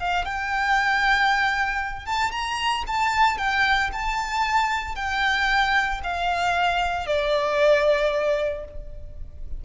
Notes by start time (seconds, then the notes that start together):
0.00 F5
0.25 G5
2.06 A5
2.32 A#5
2.87 A5
3.38 G5
3.93 A5
4.95 G5
6.04 F5
7.07 D5